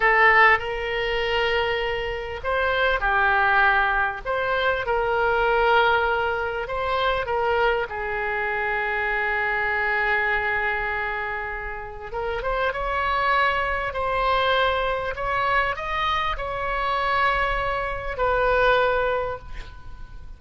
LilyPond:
\new Staff \with { instrumentName = "oboe" } { \time 4/4 \tempo 4 = 99 a'4 ais'2. | c''4 g'2 c''4 | ais'2. c''4 | ais'4 gis'2.~ |
gis'1 | ais'8 c''8 cis''2 c''4~ | c''4 cis''4 dis''4 cis''4~ | cis''2 b'2 | }